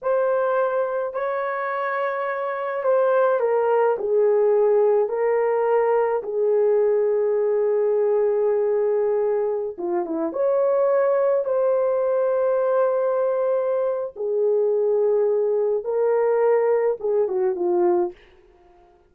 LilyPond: \new Staff \with { instrumentName = "horn" } { \time 4/4 \tempo 4 = 106 c''2 cis''2~ | cis''4 c''4 ais'4 gis'4~ | gis'4 ais'2 gis'4~ | gis'1~ |
gis'4~ gis'16 f'8 e'8 cis''4.~ cis''16~ | cis''16 c''2.~ c''8.~ | c''4 gis'2. | ais'2 gis'8 fis'8 f'4 | }